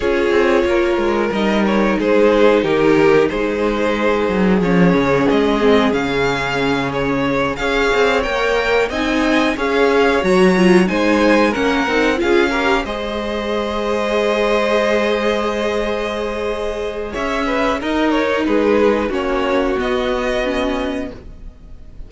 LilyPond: <<
  \new Staff \with { instrumentName = "violin" } { \time 4/4 \tempo 4 = 91 cis''2 dis''8 cis''8 c''4 | ais'4 c''2 cis''4 | dis''4 f''4. cis''4 f''8~ | f''8 g''4 gis''4 f''4 ais''8~ |
ais''8 gis''4 fis''4 f''4 dis''8~ | dis''1~ | dis''2 e''4 dis''8 cis''8 | b'4 cis''4 dis''2 | }
  \new Staff \with { instrumentName = "violin" } { \time 4/4 gis'4 ais'2 gis'4 | g'4 gis'2.~ | gis'2.~ gis'8 cis''8~ | cis''4. dis''4 cis''4.~ |
cis''8 c''4 ais'4 gis'8 ais'8 c''8~ | c''1~ | c''2 cis''8 b'8 ais'4 | gis'4 fis'2. | }
  \new Staff \with { instrumentName = "viola" } { \time 4/4 f'2 dis'2~ | dis'2. cis'4~ | cis'8 c'8 cis'2~ cis'8 gis'8~ | gis'8 ais'4 dis'4 gis'4 fis'8 |
f'8 dis'4 cis'8 dis'8 f'8 g'8 gis'8~ | gis'1~ | gis'2. dis'4~ | dis'4 cis'4 b4 cis'4 | }
  \new Staff \with { instrumentName = "cello" } { \time 4/4 cis'8 c'8 ais8 gis8 g4 gis4 | dis4 gis4. fis8 f8 cis8 | gis4 cis2~ cis8 cis'8 | c'8 ais4 c'4 cis'4 fis8~ |
fis8 gis4 ais8 c'8 cis'4 gis8~ | gis1~ | gis2 cis'4 dis'4 | gis4 ais4 b2 | }
>>